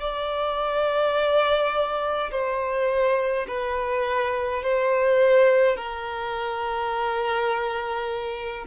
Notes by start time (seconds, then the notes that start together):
0.00 D5
2.31 C5
3.47 B4
4.63 C5
5.76 A#4